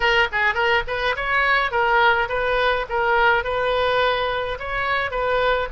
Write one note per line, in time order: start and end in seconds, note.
0.00 0.28 A#4
0.32 0.54 G#4
0.54 0.83 A#4
0.87 1.15 B4
1.16 1.71 C#5
1.71 2.28 A#4
2.29 2.86 B4
2.89 3.44 A#4
3.44 4.58 B4
4.59 5.11 C#5
5.11 5.68 B4